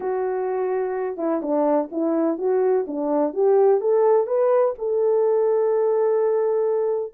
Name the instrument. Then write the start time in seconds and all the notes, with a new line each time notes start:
horn
0.00 F#4
1.17 E4
1.42 D4
1.91 E4
2.37 F#4
2.87 D4
3.33 G4
3.80 A4
4.26 B4
4.78 A4